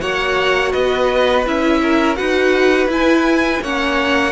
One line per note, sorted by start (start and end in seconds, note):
0.00 0.74 A#3
0.00 1.45 F#4
0.00 0.72 C#5
0.00 0.73 F#5
0.72 1.47 B3
0.72 1.80 B4
0.72 1.45 D#5
1.46 2.19 C#4
1.46 2.16 E4
1.46 2.16 E5
1.83 2.18 A#4
2.16 2.87 D#4
2.16 2.88 F#4
2.16 3.62 B4
2.16 2.88 F#5
2.87 3.59 E4
2.87 3.62 E4
2.87 3.64 G#5
3.62 4.32 A#3
3.62 4.32 C#4
3.62 4.32 C#5
3.62 4.32 F#5